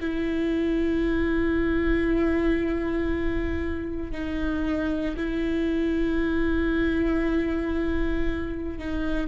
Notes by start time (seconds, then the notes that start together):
0.00 E4
4.11 D#4
5.17 E4
8.78 D#4